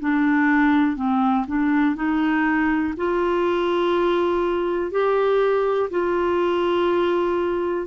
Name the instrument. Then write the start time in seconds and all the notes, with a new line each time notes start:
clarinet
0.00 D4
0.97 C4
1.48 D4
1.96 D#4
2.97 F4
4.91 G4
5.91 F4